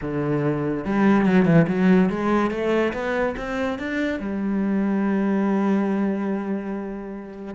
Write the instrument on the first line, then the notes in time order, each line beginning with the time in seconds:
cello
0.01 D3
0.84 G3
1.25 F#3
1.45 E3
1.67 F#3
2.09 G#3
2.50 A3
2.93 B3
3.37 C4
3.78 D4
4.19 G3